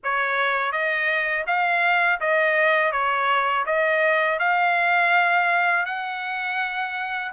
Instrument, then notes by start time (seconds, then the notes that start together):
trumpet
0.03 C#5
0.72 D#5
1.46 F5
2.20 D#5
2.92 C#5
3.66 D#5
4.39 F5
5.85 F#5